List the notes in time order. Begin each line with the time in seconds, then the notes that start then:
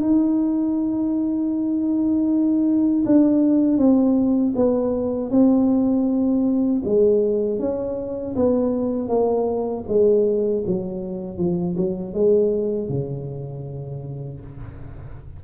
0.00 D#4
3.05 D4
3.77 C4
4.55 B3
5.30 C4
6.84 G#3
7.59 C#4
8.35 B3
9.08 A#3
9.87 G#3
10.66 F#3
11.37 F3
11.77 F#3
12.13 G#3
12.88 C#3